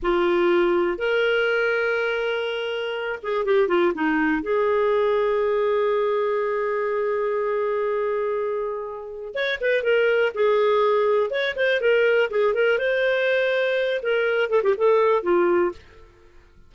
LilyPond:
\new Staff \with { instrumentName = "clarinet" } { \time 4/4 \tempo 4 = 122 f'2 ais'2~ | ais'2~ ais'8 gis'8 g'8 f'8 | dis'4 gis'2.~ | gis'1~ |
gis'2. cis''8 b'8 | ais'4 gis'2 cis''8 c''8 | ais'4 gis'8 ais'8 c''2~ | c''8 ais'4 a'16 g'16 a'4 f'4 | }